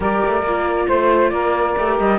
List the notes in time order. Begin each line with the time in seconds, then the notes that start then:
0.00 G3 G4 A#4 D5
0.25 A3
0.42 A#3 F4
0.88 A3 C5
1.29 A#3 A#4 D5
1.77 A3 G4
1.98 G3 D#5